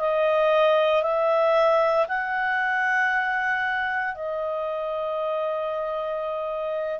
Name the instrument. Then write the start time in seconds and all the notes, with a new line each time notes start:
clarinet
0.00 D#5
1.03 E5
2.08 F#5
4.15 D#5